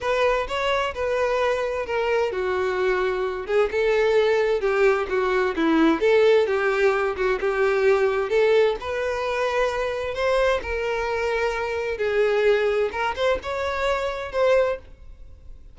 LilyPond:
\new Staff \with { instrumentName = "violin" } { \time 4/4 \tempo 4 = 130 b'4 cis''4 b'2 | ais'4 fis'2~ fis'8 gis'8 | a'2 g'4 fis'4 | e'4 a'4 g'4. fis'8 |
g'2 a'4 b'4~ | b'2 c''4 ais'4~ | ais'2 gis'2 | ais'8 c''8 cis''2 c''4 | }